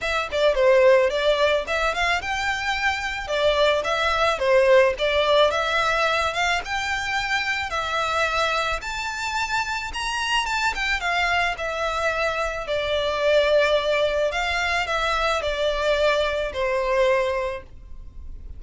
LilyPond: \new Staff \with { instrumentName = "violin" } { \time 4/4 \tempo 4 = 109 e''8 d''8 c''4 d''4 e''8 f''8 | g''2 d''4 e''4 | c''4 d''4 e''4. f''8 | g''2 e''2 |
a''2 ais''4 a''8 g''8 | f''4 e''2 d''4~ | d''2 f''4 e''4 | d''2 c''2 | }